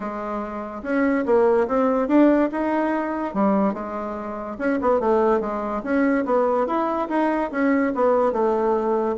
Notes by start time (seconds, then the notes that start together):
0.00 G#3
0.83 C#4
1.25 A#3
1.67 C4
2.08 D4
2.51 D#4
3.34 G3
3.73 G#3
4.58 C#4
4.81 B3
5.00 A3
5.40 G#3
5.83 C#4
6.25 B3
6.66 E4
7.09 D#4
7.51 C#4
7.95 B3
8.32 A3